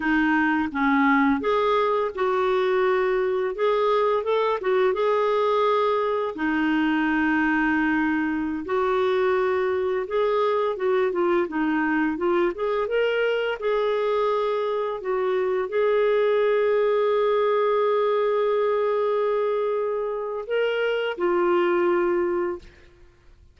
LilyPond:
\new Staff \with { instrumentName = "clarinet" } { \time 4/4 \tempo 4 = 85 dis'4 cis'4 gis'4 fis'4~ | fis'4 gis'4 a'8 fis'8 gis'4~ | gis'4 dis'2.~ | dis'16 fis'2 gis'4 fis'8 f'16~ |
f'16 dis'4 f'8 gis'8 ais'4 gis'8.~ | gis'4~ gis'16 fis'4 gis'4.~ gis'16~ | gis'1~ | gis'4 ais'4 f'2 | }